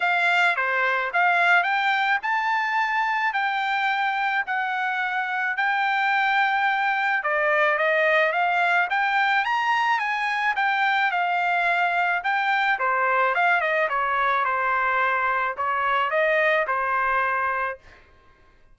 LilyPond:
\new Staff \with { instrumentName = "trumpet" } { \time 4/4 \tempo 4 = 108 f''4 c''4 f''4 g''4 | a''2 g''2 | fis''2 g''2~ | g''4 d''4 dis''4 f''4 |
g''4 ais''4 gis''4 g''4 | f''2 g''4 c''4 | f''8 dis''8 cis''4 c''2 | cis''4 dis''4 c''2 | }